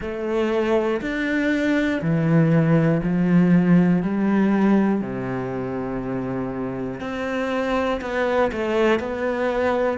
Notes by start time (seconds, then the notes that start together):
0.00 A3
1.00 D4
2.01 E3
3.03 F3
4.02 G3
5.00 C3
7.00 C4
8.01 B3
8.51 A3
9.00 B3